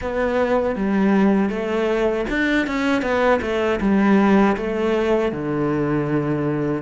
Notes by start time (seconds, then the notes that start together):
0.01 B3
0.75 G3
1.49 A3
2.29 D4
2.66 C#4
3.02 B3
3.41 A3
3.80 G3
4.56 A3
5.32 D3